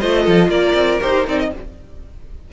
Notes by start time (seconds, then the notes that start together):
0.00 A3 F4 C5 D#5
0.23 F3 A4
0.48 A#3 A#4 D5
0.74 C4
1.00 D#4 G4 C5
1.26 C4 D#4 D5
1.39 D#5